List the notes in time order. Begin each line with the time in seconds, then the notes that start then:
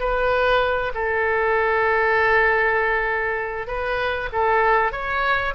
0.00 B4
0.95 A4
3.68 B4
4.33 A4
4.92 C#5